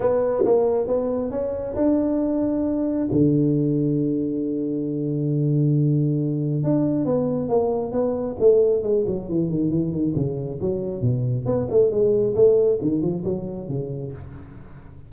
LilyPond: \new Staff \with { instrumentName = "tuba" } { \time 4/4 \tempo 4 = 136 b4 ais4 b4 cis'4 | d'2. d4~ | d1~ | d2. d'4 |
b4 ais4 b4 a4 | gis8 fis8 e8 dis8 e8 dis8 cis4 | fis4 b,4 b8 a8 gis4 | a4 dis8 f8 fis4 cis4 | }